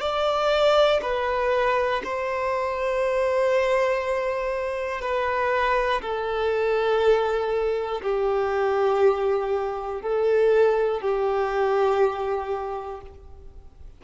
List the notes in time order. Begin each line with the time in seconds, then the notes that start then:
0.00 D5
1.02 B4
2.04 C5
5.01 B4
6.01 A4
8.02 G4
10.02 A4
11.01 G4